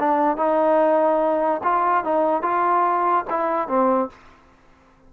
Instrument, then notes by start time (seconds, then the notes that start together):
trombone
0.00 D4
0.37 D#4
1.64 F4
2.05 D#4
2.43 F4
3.30 E4
3.68 C4